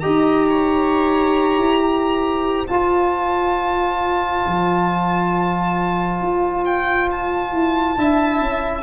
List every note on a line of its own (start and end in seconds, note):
0.00 1.57 D#4
0.00 2.67 G4
0.00 0.47 D#5
0.00 2.65 A#5
0.49 1.81 C#5
1.57 2.68 E4
1.81 7.98 C5
2.67 7.97 F4
2.67 4.46 F4
2.67 6.64 A5
4.47 6.22 F3
6.22 7.53 F4
6.65 7.09 G5
7.11 8.83 A5
7.53 7.97 E4
7.97 8.40 D4
7.97 8.83 E4
7.97 8.83 E5
8.40 8.83 C#4